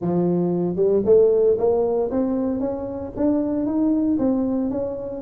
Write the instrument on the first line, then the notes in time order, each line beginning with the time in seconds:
tuba
0.01 F3
0.76 G3
1.05 A3
1.58 A#3
2.10 C4
2.60 C#4
3.16 D4
3.65 D#4
4.18 C4
4.70 C#4